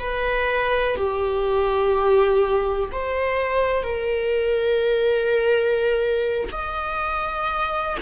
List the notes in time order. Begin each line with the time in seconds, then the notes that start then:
0.00 B4
0.97 G4
2.93 C5
3.83 A#4
6.52 D#5